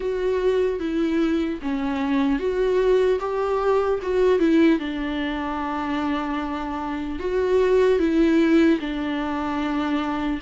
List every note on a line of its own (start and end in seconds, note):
0.00 0.79 F#4
0.79 1.59 E4
1.62 2.39 C#4
2.39 3.19 F#4
3.19 3.99 G4
4.02 4.39 F#4
4.39 4.79 E4
4.79 7.19 D4
7.19 7.99 F#4
7.99 8.79 E4
8.80 10.40 D4